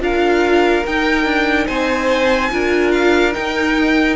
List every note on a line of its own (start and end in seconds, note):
0.00 0.84 D4
0.00 0.83 F4
0.00 1.67 A#4
0.00 0.86 F5
0.86 1.25 D#4
0.86 2.53 D#4
0.86 1.67 G5
1.25 1.67 D4
1.67 2.52 C4
1.67 2.51 C5
1.67 2.92 G#5
2.52 3.36 D4
2.52 3.33 F4
2.52 4.16 A#4
2.92 3.33 F5
3.33 4.16 D#4
3.33 4.16 G5